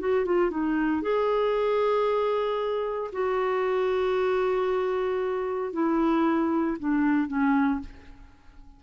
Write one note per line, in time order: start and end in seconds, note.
0.00 0.26 F#4
0.26 0.51 F4
0.51 1.02 D#4
1.02 3.11 G#4
3.13 5.73 F#4
5.73 6.78 E4
6.79 7.28 D4
7.28 7.80 C#4